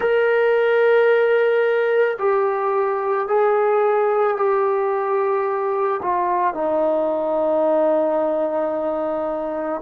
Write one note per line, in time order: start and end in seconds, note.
0.00 2.17 A#4
2.18 3.27 G4
3.27 4.36 G#4
4.36 6.00 G4
6.02 6.54 F4
6.54 9.81 D#4